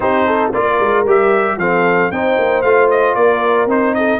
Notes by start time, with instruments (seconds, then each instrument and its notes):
0.00 tuba C4, trombone D#4, horn G4, trumpet C5
0.26 horn A4
0.53 tuba A#3, trombone F4, horn A#4, trumpet D5
0.80 tuba G#3
1.04 tuba G3, trombone G4, trumpet E5
1.57 tuba F3, trombone C4, horn A4, trumpet F5
2.11 tuba C4, trombone D#4, horn C5, trumpet G5
2.38 tuba A#3
2.61 tuba A3, trombone F4, trumpet F5
2.90 trumpet D#5
3.14 tuba A#3, horn A#4, trumpet D5
3.66 tuba C4, trombone D#4, trumpet C5
3.94 horn A4, trumpet D#5